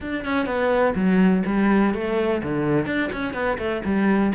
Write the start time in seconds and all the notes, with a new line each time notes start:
0.00 D4
0.24 C#4
0.46 B3
0.95 F#3
1.46 G3
1.93 A3
2.42 D3
2.86 D4
3.12 C#4
3.33 B3
3.58 A3
3.84 G3